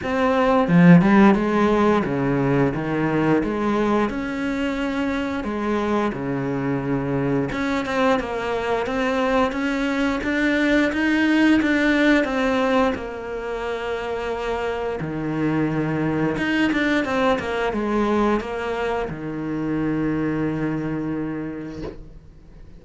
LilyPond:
\new Staff \with { instrumentName = "cello" } { \time 4/4 \tempo 4 = 88 c'4 f8 g8 gis4 cis4 | dis4 gis4 cis'2 | gis4 cis2 cis'8 c'8 | ais4 c'4 cis'4 d'4 |
dis'4 d'4 c'4 ais4~ | ais2 dis2 | dis'8 d'8 c'8 ais8 gis4 ais4 | dis1 | }